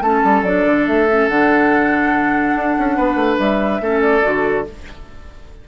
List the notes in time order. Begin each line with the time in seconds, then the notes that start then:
0.00 A3 C#4 A4 A5
0.24 G3
0.42 F#3 D4 D5
0.65 D3
0.86 A3 E5
1.09 C#4
1.28 D3 D4 F#5
2.55 D4
2.78 C#4
2.96 B3 B4
3.15 A3
3.38 G3 E5
3.80 A3 C#4 A4
4.01 D5
4.22 D3 F#4